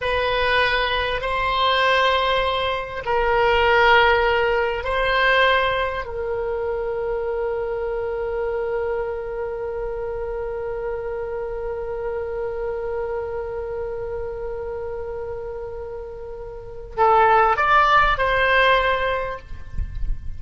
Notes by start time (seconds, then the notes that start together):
0.01 B4
1.21 C5
3.05 A#4
4.84 C5
6.05 A#4
16.96 A4
17.56 D5
18.17 C5